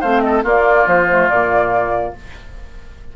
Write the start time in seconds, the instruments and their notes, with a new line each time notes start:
0.00 bassoon A3, clarinet C4, oboe C5, flute F5
0.21 oboe A4, flute D#5
0.43 clarinet A#3, bassoon A#3, oboe F4, flute D5
0.86 bassoon F3, flute C5
1.09 clarinet A3
1.28 bassoon A#2, clarinet A#3, flute D5